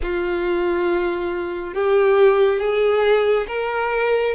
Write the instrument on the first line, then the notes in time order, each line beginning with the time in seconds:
violin
0.02 F4
1.74 G4
2.60 G#4
3.47 A#4